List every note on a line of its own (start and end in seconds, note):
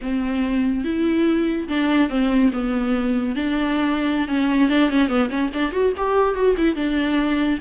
0.01 0.84 C4
0.84 1.67 E4
1.68 2.09 D4
2.09 2.51 C4
2.52 3.35 B3
3.35 4.28 D4
4.28 4.69 C#4
4.69 4.90 D4
4.90 5.08 C#4
5.08 5.29 B3
5.29 5.50 C#4
5.53 5.72 D4
5.72 5.92 F#4
5.97 6.34 G4
6.34 6.55 F#4
6.57 6.75 E4
6.75 7.59 D4